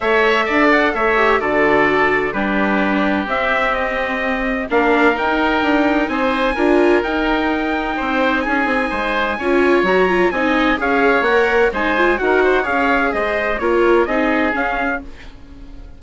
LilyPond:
<<
  \new Staff \with { instrumentName = "trumpet" } { \time 4/4 \tempo 4 = 128 e''4. fis''8 e''4 d''4~ | d''4 b'2 e''4 | dis''2 f''4 g''4~ | g''4 gis''2 g''4~ |
g''2 gis''2~ | gis''4 ais''4 gis''4 f''4 | fis''4 gis''4 fis''4 f''4 | dis''4 cis''4 dis''4 f''4 | }
  \new Staff \with { instrumentName = "oboe" } { \time 4/4 cis''4 d''4 cis''4 a'4~ | a'4 g'2.~ | g'2 ais'2~ | ais'4 c''4 ais'2~ |
ais'4 c''4 gis'4 c''4 | cis''2 dis''4 cis''4~ | cis''4 c''4 ais'8 c''8 cis''4 | c''4 ais'4 gis'2 | }
  \new Staff \with { instrumentName = "viola" } { \time 4/4 a'2~ a'8 g'8 fis'4~ | fis'4 d'2 c'4~ | c'2 d'4 dis'4~ | dis'2 f'4 dis'4~ |
dis'1 | f'4 fis'8 f'8 dis'4 gis'4 | ais'4 dis'8 f'8 fis'4 gis'4~ | gis'4 f'4 dis'4 cis'4 | }
  \new Staff \with { instrumentName = "bassoon" } { \time 4/4 a4 d'4 a4 d4~ | d4 g2 c'4~ | c'2 ais4 dis'4 | d'4 c'4 d'4 dis'4~ |
dis'4 c'4 cis'8 c'8 gis4 | cis'4 fis4 c'4 cis'4 | ais4 gis4 dis'4 cis'4 | gis4 ais4 c'4 cis'4 | }
>>